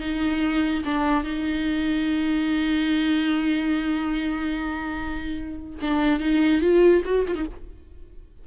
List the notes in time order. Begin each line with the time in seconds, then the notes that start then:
0.00 D#4
0.85 D4
1.23 D#4
5.81 D4
6.20 D#4
6.61 F4
7.05 F#4
7.27 F4
7.34 D#4